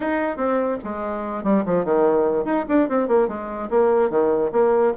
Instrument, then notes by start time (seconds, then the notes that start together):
bassoon
0.00 D#4
0.36 C4
0.84 G#3
1.43 G3
1.65 F3
1.84 D#3
2.44 D#4
2.68 D4
2.89 C4
3.07 A#3
3.28 G#3
3.70 A#3
4.09 D#3
4.51 A#3